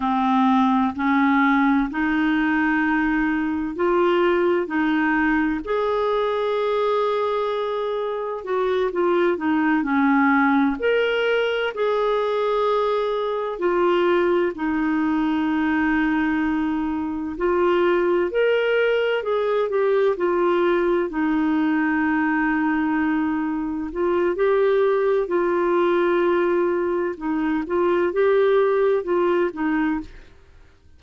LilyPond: \new Staff \with { instrumentName = "clarinet" } { \time 4/4 \tempo 4 = 64 c'4 cis'4 dis'2 | f'4 dis'4 gis'2~ | gis'4 fis'8 f'8 dis'8 cis'4 ais'8~ | ais'8 gis'2 f'4 dis'8~ |
dis'2~ dis'8 f'4 ais'8~ | ais'8 gis'8 g'8 f'4 dis'4.~ | dis'4. f'8 g'4 f'4~ | f'4 dis'8 f'8 g'4 f'8 dis'8 | }